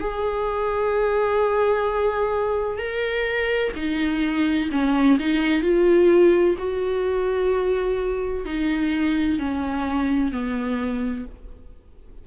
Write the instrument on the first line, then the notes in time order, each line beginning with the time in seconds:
viola
0.00 G#4
2.78 A#4
3.75 D#4
4.71 C#4
5.19 D#4
5.62 F4
6.58 F#4
8.45 D#4
9.38 C#4
10.31 B3